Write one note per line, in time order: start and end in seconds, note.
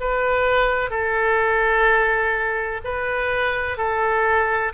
0.00 0.90 B4
0.90 2.81 A4
2.84 3.77 B4
3.77 4.73 A4